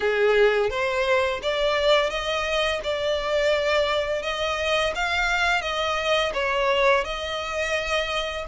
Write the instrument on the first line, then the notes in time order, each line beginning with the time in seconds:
violin
0.00 G#4
0.69 C5
1.42 D5
2.10 D#5
2.83 D5
4.22 D#5
4.95 F5
5.61 D#5
6.33 C#5
7.04 D#5